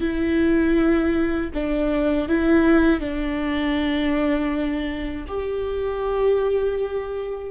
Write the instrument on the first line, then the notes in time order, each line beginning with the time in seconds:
viola
0.00 E4
1.54 D4
2.28 E4
3.00 D4
5.27 G4